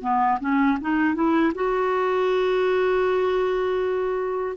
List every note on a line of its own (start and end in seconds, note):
0.00 0.38 B3
0.40 0.78 C#4
0.80 1.14 D#4
1.14 1.52 E4
1.54 4.56 F#4